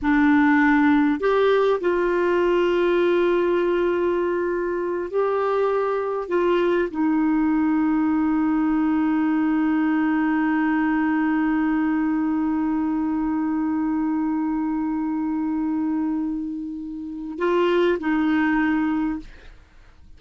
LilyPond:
\new Staff \with { instrumentName = "clarinet" } { \time 4/4 \tempo 4 = 100 d'2 g'4 f'4~ | f'1~ | f'8 g'2 f'4 dis'8~ | dis'1~ |
dis'1~ | dis'1~ | dis'1~ | dis'4 f'4 dis'2 | }